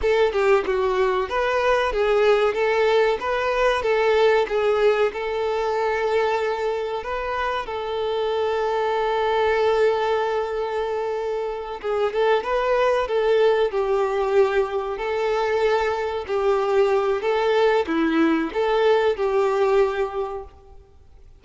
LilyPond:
\new Staff \with { instrumentName = "violin" } { \time 4/4 \tempo 4 = 94 a'8 g'8 fis'4 b'4 gis'4 | a'4 b'4 a'4 gis'4 | a'2. b'4 | a'1~ |
a'2~ a'8 gis'8 a'8 b'8~ | b'8 a'4 g'2 a'8~ | a'4. g'4. a'4 | e'4 a'4 g'2 | }